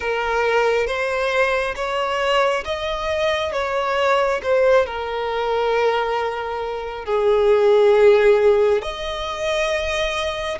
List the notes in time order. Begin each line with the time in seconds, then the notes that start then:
0.00 A#4
0.86 C5
1.75 C#5
2.65 D#5
3.52 C#5
4.42 C5
4.86 A#4
7.05 G#4
8.82 D#5